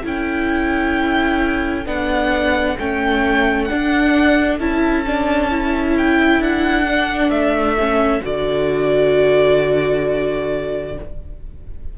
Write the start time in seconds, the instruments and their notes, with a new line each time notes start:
0.00 cello C#4, viola E4, violin A4
0.07 violin G5
1.85 cello B3, viola D4, violin F#5
2.79 cello A3, viola C#4, violin G5
3.65 viola D4, violin F#5
3.72 cello D4
4.60 cello C#4, viola E4, violin A5
5.06 viola D4
5.51 viola E4
5.98 violin G5
6.40 cello D4, violin F#5
6.86 viola D4
7.30 cello A3, violin E5
7.80 viola C#4
8.21 cello D3, viola F#4, violin D5